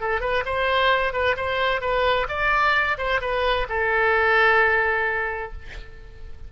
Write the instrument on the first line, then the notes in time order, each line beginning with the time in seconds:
oboe
0.00 A4
0.21 B4
0.45 C5
1.13 B4
1.37 C5
1.81 B4
2.29 D5
2.98 C5
3.21 B4
3.69 A4